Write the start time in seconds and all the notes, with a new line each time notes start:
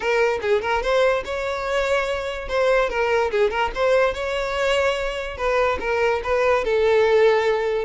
0.00 A#4
0.41 G#4
0.61 A#4
0.82 C5
1.25 C#5
2.48 C5
2.89 A#4
3.31 G#4
3.50 A#4
3.74 C5
4.14 C#5
5.37 B4
5.80 A#4
6.23 B4
6.64 A4